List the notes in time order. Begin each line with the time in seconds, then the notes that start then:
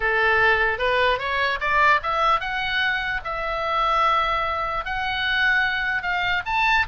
0.00 A4
0.78 B4
1.18 C#5
1.60 D5
2.02 E5
2.40 F#5
3.24 E5
4.85 F#5
6.02 F5
6.45 A5